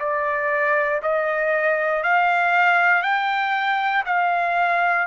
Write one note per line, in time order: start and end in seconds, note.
0.00 1.02 D5
1.03 2.04 D#5
2.04 3.03 F5
3.03 4.04 G5
4.06 5.08 F5